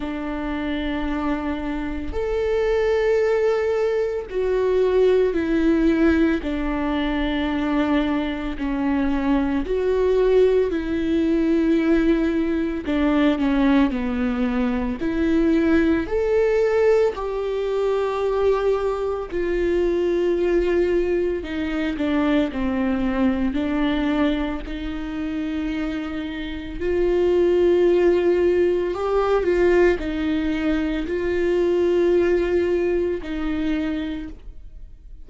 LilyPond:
\new Staff \with { instrumentName = "viola" } { \time 4/4 \tempo 4 = 56 d'2 a'2 | fis'4 e'4 d'2 | cis'4 fis'4 e'2 | d'8 cis'8 b4 e'4 a'4 |
g'2 f'2 | dis'8 d'8 c'4 d'4 dis'4~ | dis'4 f'2 g'8 f'8 | dis'4 f'2 dis'4 | }